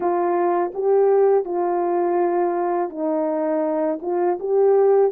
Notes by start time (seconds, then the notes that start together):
0.00 F4
0.74 G4
1.45 F4
2.89 D#4
4.01 F4
4.39 G4